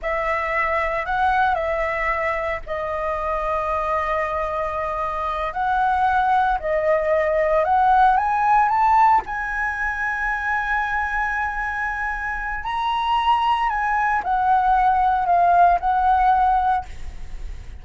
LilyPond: \new Staff \with { instrumentName = "flute" } { \time 4/4 \tempo 4 = 114 e''2 fis''4 e''4~ | e''4 dis''2.~ | dis''2~ dis''8 fis''4.~ | fis''8 dis''2 fis''4 gis''8~ |
gis''8 a''4 gis''2~ gis''8~ | gis''1 | ais''2 gis''4 fis''4~ | fis''4 f''4 fis''2 | }